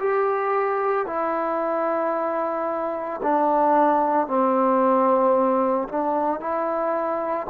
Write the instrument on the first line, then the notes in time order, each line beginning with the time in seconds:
trombone
0.00 G4
1.07 E4
3.23 D4
4.28 C4
5.89 D4
6.40 E4